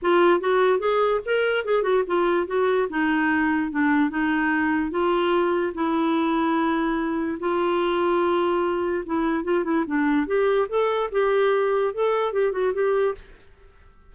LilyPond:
\new Staff \with { instrumentName = "clarinet" } { \time 4/4 \tempo 4 = 146 f'4 fis'4 gis'4 ais'4 | gis'8 fis'8 f'4 fis'4 dis'4~ | dis'4 d'4 dis'2 | f'2 e'2~ |
e'2 f'2~ | f'2 e'4 f'8 e'8 | d'4 g'4 a'4 g'4~ | g'4 a'4 g'8 fis'8 g'4 | }